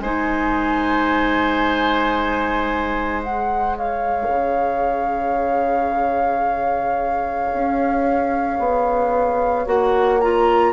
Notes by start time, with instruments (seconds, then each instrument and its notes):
0.00 bassoon G#3, clarinet D#4, oboe C5, flute G#5
3.24 clarinet G#4, flute F#5
3.77 oboe C#5, flute F5
4.29 bassoon C#3
7.53 bassoon C#4
8.59 bassoon B3
9.66 bassoon A#3, clarinet F#4, flute F#5
10.21 clarinet F4, flute A#5